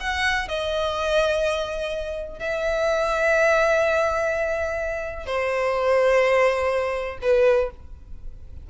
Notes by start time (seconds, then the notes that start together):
0.00 F#5
0.48 D#5
2.40 E5
5.26 C5
7.22 B4